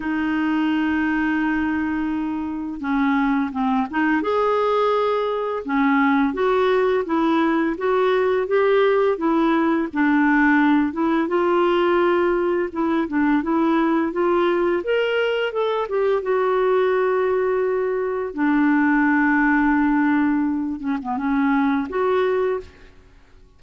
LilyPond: \new Staff \with { instrumentName = "clarinet" } { \time 4/4 \tempo 4 = 85 dis'1 | cis'4 c'8 dis'8 gis'2 | cis'4 fis'4 e'4 fis'4 | g'4 e'4 d'4. e'8 |
f'2 e'8 d'8 e'4 | f'4 ais'4 a'8 g'8 fis'4~ | fis'2 d'2~ | d'4. cis'16 b16 cis'4 fis'4 | }